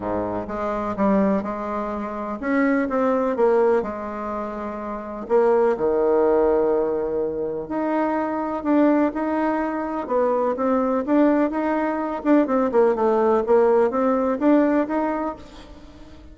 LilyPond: \new Staff \with { instrumentName = "bassoon" } { \time 4/4 \tempo 4 = 125 gis,4 gis4 g4 gis4~ | gis4 cis'4 c'4 ais4 | gis2. ais4 | dis1 |
dis'2 d'4 dis'4~ | dis'4 b4 c'4 d'4 | dis'4. d'8 c'8 ais8 a4 | ais4 c'4 d'4 dis'4 | }